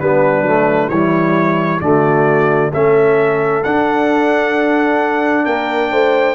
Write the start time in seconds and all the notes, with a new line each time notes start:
0.00 G3 B3 D4 B4
0.42 F#3 A3
0.89 E3 G3 E4 C#5
1.81 D3 A3 F#4 D5
2.73 A3 C#4 A4 E5
3.64 D4 F#5
5.45 A#3 A#4 G5
5.92 A3 C5